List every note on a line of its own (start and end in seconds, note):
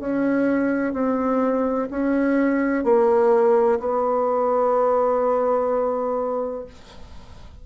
0.00 0.93 C#4
0.93 1.88 C4
1.90 2.84 C#4
2.84 3.79 A#3
3.80 6.65 B3